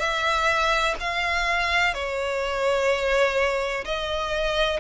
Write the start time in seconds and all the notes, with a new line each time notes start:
0.00 E5
1.00 F5
1.94 C#5
3.85 D#5